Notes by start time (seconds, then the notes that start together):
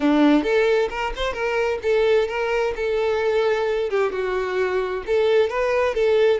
0.00 D4
0.43 A4
0.90 A#4
1.16 C5
1.33 A#4
1.82 A4
2.28 A#4
2.75 A4
3.90 G4
4.11 F#4
5.06 A4
5.49 B4
5.94 A4